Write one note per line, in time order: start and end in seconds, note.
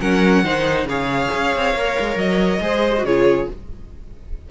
0.00 0.44 F#3
0.00 0.44 C#4
0.00 0.44 A#4
0.00 0.87 F#5
0.44 0.84 D#3
0.44 0.87 D#4
0.44 0.88 C5
0.84 1.28 C#3
0.84 1.75 G#4
0.84 2.62 C#5
0.84 2.18 F5
1.34 1.55 C#4
1.55 1.74 C4
1.74 1.96 A#3
1.74 2.60 A#4
1.99 2.16 G#3
2.16 2.60 F#3
2.16 3.05 D#5
2.60 3.03 G#3
2.60 2.93 G#4
2.60 3.06 C5
2.97 3.46 C#3
2.97 3.07 F#4
3.05 3.50 F4
3.05 3.49 G#4
3.05 3.48 C#5